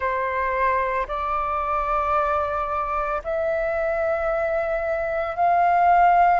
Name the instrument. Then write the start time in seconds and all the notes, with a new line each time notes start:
flute
0.00 C5
1.07 D5
3.24 E5
5.36 F5